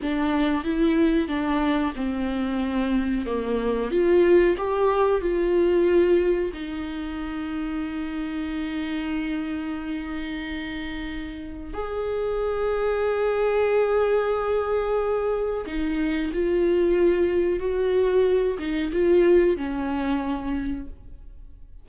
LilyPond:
\new Staff \with { instrumentName = "viola" } { \time 4/4 \tempo 4 = 92 d'4 e'4 d'4 c'4~ | c'4 ais4 f'4 g'4 | f'2 dis'2~ | dis'1~ |
dis'2 gis'2~ | gis'1 | dis'4 f'2 fis'4~ | fis'8 dis'8 f'4 cis'2 | }